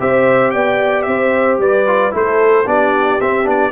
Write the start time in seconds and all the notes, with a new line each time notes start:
0.00 C4 G4 C5 E5
0.51 B3 D5 G5
1.03 C4 C5 E5
1.59 G3 B4 D5
1.87 F4
2.12 A3 E4 A4 C5
2.67 B3 D4 G4 D5
3.21 C4 E5
3.44 B3 D4 D5